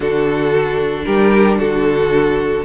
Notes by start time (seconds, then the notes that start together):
0.00 D3 D4 F#4 A4
1.05 G3 G4 A#4
1.58 D3 F#4 A4